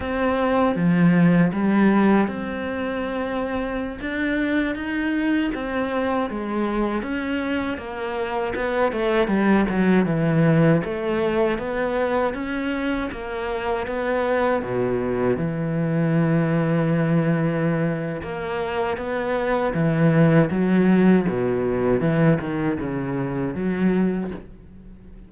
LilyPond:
\new Staff \with { instrumentName = "cello" } { \time 4/4 \tempo 4 = 79 c'4 f4 g4 c'4~ | c'4~ c'16 d'4 dis'4 c'8.~ | c'16 gis4 cis'4 ais4 b8 a16~ | a16 g8 fis8 e4 a4 b8.~ |
b16 cis'4 ais4 b4 b,8.~ | b,16 e2.~ e8. | ais4 b4 e4 fis4 | b,4 e8 dis8 cis4 fis4 | }